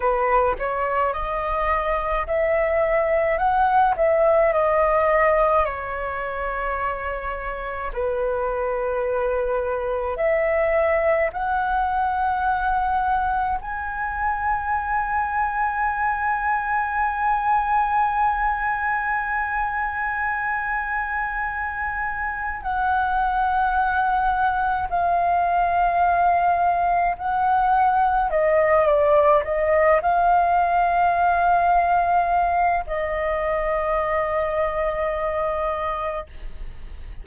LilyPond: \new Staff \with { instrumentName = "flute" } { \time 4/4 \tempo 4 = 53 b'8 cis''8 dis''4 e''4 fis''8 e''8 | dis''4 cis''2 b'4~ | b'4 e''4 fis''2 | gis''1~ |
gis''1 | fis''2 f''2 | fis''4 dis''8 d''8 dis''8 f''4.~ | f''4 dis''2. | }